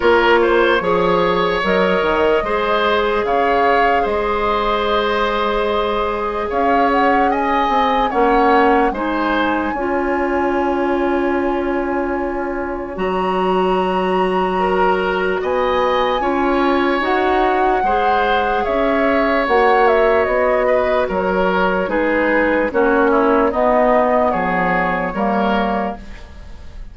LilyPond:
<<
  \new Staff \with { instrumentName = "flute" } { \time 4/4 \tempo 4 = 74 cis''2 dis''2 | f''4 dis''2. | f''8 fis''8 gis''4 fis''4 gis''4~ | gis''1 |
ais''2. gis''4~ | gis''4 fis''2 e''4 | fis''8 e''8 dis''4 cis''4 b'4 | cis''4 dis''4 cis''2 | }
  \new Staff \with { instrumentName = "oboe" } { \time 4/4 ais'8 c''8 cis''2 c''4 | cis''4 c''2. | cis''4 dis''4 cis''4 c''4 | cis''1~ |
cis''2 ais'4 dis''4 | cis''2 c''4 cis''4~ | cis''4. b'8 ais'4 gis'4 | fis'8 e'8 dis'4 gis'4 ais'4 | }
  \new Staff \with { instrumentName = "clarinet" } { \time 4/4 f'4 gis'4 ais'4 gis'4~ | gis'1~ | gis'2 cis'4 dis'4 | f'1 |
fis'1 | f'4 fis'4 gis'2 | fis'2. dis'4 | cis'4 b2 ais4 | }
  \new Staff \with { instrumentName = "bassoon" } { \time 4/4 ais4 f4 fis8 dis8 gis4 | cis4 gis2. | cis'4. c'8 ais4 gis4 | cis'1 |
fis2. b4 | cis'4 dis'4 gis4 cis'4 | ais4 b4 fis4 gis4 | ais4 b4 f4 g4 | }
>>